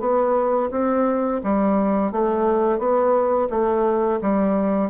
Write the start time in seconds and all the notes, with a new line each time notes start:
0.00 B3
0.71 C4
1.44 G3
2.12 A3
2.79 B3
3.50 A3
4.22 G3